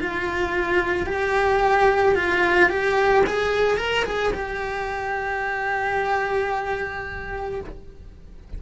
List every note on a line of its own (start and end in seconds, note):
0.00 1.06 F4
1.06 2.15 G4
2.15 2.69 F4
2.69 3.24 G4
3.26 3.77 G#4
3.77 4.04 A#4
4.05 4.32 G#4
4.33 7.61 G4